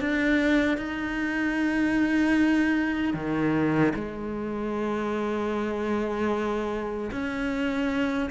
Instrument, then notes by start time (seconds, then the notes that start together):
cello
0.00 D4
0.77 D#4
3.14 D#3
3.95 G#3
7.11 C#4